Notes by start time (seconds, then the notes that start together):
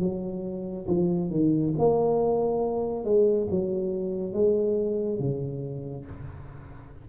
0.00 F#3
0.88 F3
1.30 D#3
1.78 A#3
3.04 G#3
3.51 F#3
4.33 G#3
5.19 C#3